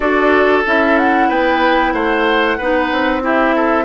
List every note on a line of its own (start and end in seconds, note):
0.00 0.64 D4
0.00 0.63 F#4
0.00 1.28 A4
0.00 0.62 D5
0.65 1.29 C#4
0.65 2.59 E4
0.65 0.98 E5
0.98 1.29 F#5
1.28 1.93 B3
1.28 1.92 B4
1.28 1.92 G5
1.92 2.57 A3
1.92 2.57 C5
1.92 3.21 F#5
2.57 2.91 B3
2.57 3.21 D#4
2.57 3.22 B4
2.91 3.84 C4
3.21 3.84 E4
3.21 3.55 G4
3.21 3.84 E5
3.55 3.84 A4